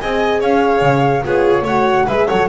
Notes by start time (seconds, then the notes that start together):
0.00 C4 G#4 D#5 G#5
0.40 C#4 C#5 F5
0.82 C#3
1.24 B3 F4 G#4 C#5
1.62 A3 C#5 F#5
1.69 F#4
2.07 G#3 G#4 B4 E5
2.28 F#3 A4 C#5 F#5